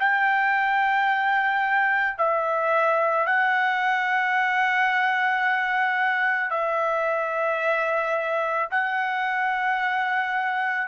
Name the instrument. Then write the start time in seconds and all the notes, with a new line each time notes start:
trumpet
0.00 G5
2.18 E5
3.27 F#5
6.51 E5
8.71 F#5